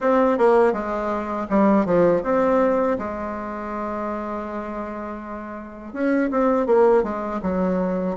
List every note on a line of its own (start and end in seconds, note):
0.00 0.37 C4
0.38 0.72 A#3
0.72 1.46 G#3
1.49 1.85 G3
1.85 2.22 F3
2.23 2.97 C4
2.98 5.93 G#3
5.93 6.30 C#4
6.30 6.66 C4
6.66 7.03 A#3
7.03 7.40 G#3
7.42 8.16 F#3